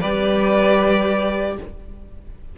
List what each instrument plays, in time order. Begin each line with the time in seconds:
0.00 cello G3, viola G4, violin B4 D5